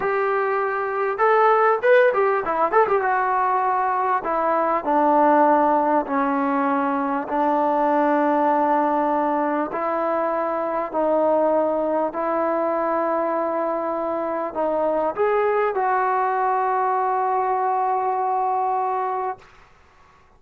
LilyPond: \new Staff \with { instrumentName = "trombone" } { \time 4/4 \tempo 4 = 99 g'2 a'4 b'8 g'8 | e'8 a'16 g'16 fis'2 e'4 | d'2 cis'2 | d'1 |
e'2 dis'2 | e'1 | dis'4 gis'4 fis'2~ | fis'1 | }